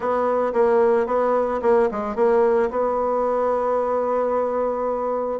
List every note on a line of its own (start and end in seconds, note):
0.00 0.53 B3
0.53 1.06 A#3
1.06 1.60 B3
1.62 1.89 A#3
1.91 2.15 G#3
2.15 2.69 A#3
2.70 5.40 B3